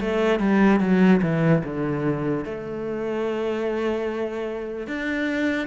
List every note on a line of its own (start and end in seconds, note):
0.00 0.39 A3
0.39 0.80 G3
0.80 1.21 F#3
1.22 1.63 E3
1.64 2.45 D3
2.45 4.87 A3
4.87 5.67 D4